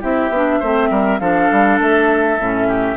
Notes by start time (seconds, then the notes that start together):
0.00 C4 E4 G4 E5
0.29 B3 D4
0.59 A3 C4 C5
0.90 G3 A#4
1.19 F3 D4 A4 F5
1.51 G3
1.79 A3 E5
2.39 A2 C#4
2.68 G4